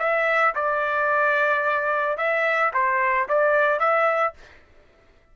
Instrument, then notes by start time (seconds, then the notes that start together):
trumpet
0.00 E5
0.56 D5
2.18 E5
2.74 C5
3.29 D5
3.80 E5